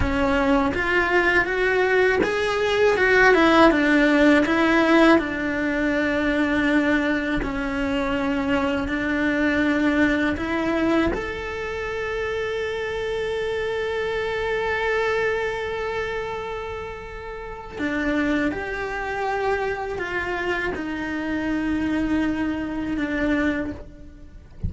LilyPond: \new Staff \with { instrumentName = "cello" } { \time 4/4 \tempo 4 = 81 cis'4 f'4 fis'4 gis'4 | fis'8 e'8 d'4 e'4 d'4~ | d'2 cis'2 | d'2 e'4 a'4~ |
a'1~ | a'1 | d'4 g'2 f'4 | dis'2. d'4 | }